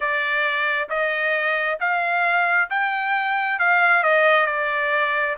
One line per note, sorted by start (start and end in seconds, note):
0.00 0.88 D5
0.89 1.78 D#5
1.80 2.69 F5
2.69 3.59 G5
3.59 4.03 F5
4.03 4.46 D#5
4.46 5.36 D5